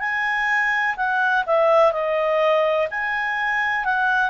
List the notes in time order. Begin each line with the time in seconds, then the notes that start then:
0.00 G#5
0.97 F#5
1.46 E5
1.92 D#5
2.91 G#5
3.85 F#5